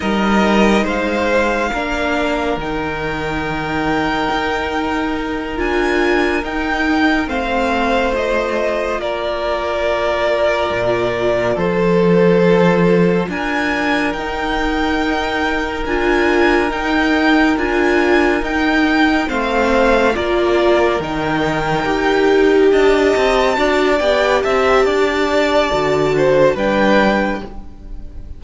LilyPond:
<<
  \new Staff \with { instrumentName = "violin" } { \time 4/4 \tempo 4 = 70 dis''4 f''2 g''4~ | g''2~ g''8 gis''4 g''8~ | g''8 f''4 dis''4 d''4.~ | d''4. c''2 gis''8~ |
gis''8 g''2 gis''4 g''8~ | g''8 gis''4 g''4 f''4 d''8~ | d''8 g''2 a''4. | g''8 a''2~ a''8 g''4 | }
  \new Staff \with { instrumentName = "violin" } { \time 4/4 ais'4 c''4 ais'2~ | ais'1~ | ais'8 c''2 ais'4.~ | ais'4. a'2 ais'8~ |
ais'1~ | ais'2~ ais'8 c''4 ais'8~ | ais'2~ ais'8 dis''4 d''8~ | d''8 e''8 d''4. c''8 b'4 | }
  \new Staff \with { instrumentName = "viola" } { \time 4/4 dis'2 d'4 dis'4~ | dis'2~ dis'8 f'4 dis'8~ | dis'8 c'4 f'2~ f'8~ | f'1~ |
f'8 dis'2 f'4 dis'8~ | dis'8 f'4 dis'4 c'4 f'8~ | f'8 dis'4 g'2 fis'8 | g'2 fis'4 d'4 | }
  \new Staff \with { instrumentName = "cello" } { \time 4/4 g4 gis4 ais4 dis4~ | dis4 dis'4. d'4 dis'8~ | dis'8 a2 ais4.~ | ais8 ais,4 f2 d'8~ |
d'8 dis'2 d'4 dis'8~ | dis'8 d'4 dis'4 a4 ais8~ | ais8 dis4 dis'4 d'8 c'8 d'8 | b8 c'8 d'4 d4 g4 | }
>>